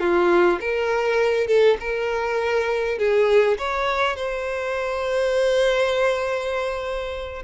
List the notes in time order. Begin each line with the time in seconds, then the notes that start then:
0.00 F4
0.60 A#4
1.47 A4
1.80 A#4
2.98 G#4
3.58 C#5
4.16 C5